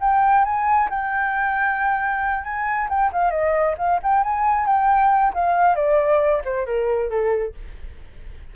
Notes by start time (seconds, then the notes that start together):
0.00 G5
0.44 G#5
0.90 G5
2.43 G#5
2.89 G5
3.12 F5
3.30 D#5
3.78 F5
4.03 G5
4.23 G#5
4.66 G5
5.34 F5
5.75 D5
6.44 C5
6.66 A#4
7.09 A4